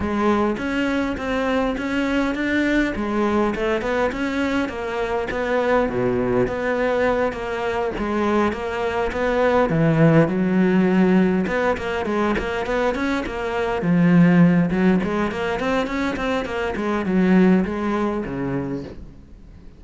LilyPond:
\new Staff \with { instrumentName = "cello" } { \time 4/4 \tempo 4 = 102 gis4 cis'4 c'4 cis'4 | d'4 gis4 a8 b8 cis'4 | ais4 b4 b,4 b4~ | b8 ais4 gis4 ais4 b8~ |
b8 e4 fis2 b8 | ais8 gis8 ais8 b8 cis'8 ais4 f8~ | f4 fis8 gis8 ais8 c'8 cis'8 c'8 | ais8 gis8 fis4 gis4 cis4 | }